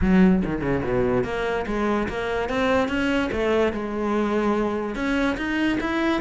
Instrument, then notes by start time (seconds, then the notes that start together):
cello
0.01 F#3
0.44 D#3
0.61 C#3
0.83 B2
1.24 A#3
1.66 G#3
2.08 A#3
2.49 C4
2.88 C#4
3.32 A3
3.73 G#3
4.95 C#4
5.37 D#4
5.80 E4